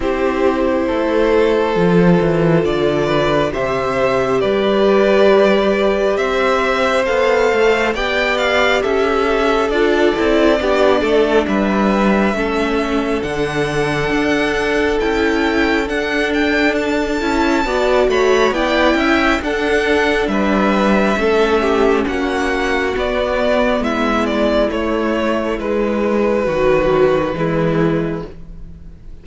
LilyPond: <<
  \new Staff \with { instrumentName = "violin" } { \time 4/4 \tempo 4 = 68 c''2. d''4 | e''4 d''2 e''4 | f''4 g''8 f''8 e''4 d''4~ | d''4 e''2 fis''4~ |
fis''4 g''4 fis''8 g''8 a''4~ | a''8 b''8 g''4 fis''4 e''4~ | e''4 fis''4 d''4 e''8 d''8 | cis''4 b'2. | }
  \new Staff \with { instrumentName = "violin" } { \time 4/4 g'4 a'2~ a'8 b'8 | c''4 b'2 c''4~ | c''4 d''4 a'2 | g'8 a'8 b'4 a'2~ |
a'1 | d''8 cis''8 d''8 e''8 a'4 b'4 | a'8 g'8 fis'2 e'4~ | e'2 fis'4 e'4 | }
  \new Staff \with { instrumentName = "viola" } { \time 4/4 e'2 f'2 | g'1 | a'4 g'2 f'8 e'8 | d'2 cis'4 d'4~ |
d'4 e'4 d'4. e'8 | fis'4 e'4 d'2 | cis'2 b2 | a4 gis4 fis4 gis4 | }
  \new Staff \with { instrumentName = "cello" } { \time 4/4 c'4 a4 f8 e8 d4 | c4 g2 c'4 | b8 a8 b4 cis'4 d'8 c'8 | b8 a8 g4 a4 d4 |
d'4 cis'4 d'4. cis'8 | b8 a8 b8 cis'8 d'4 g4 | a4 ais4 b4 gis4 | a4 gis4 dis4 e4 | }
>>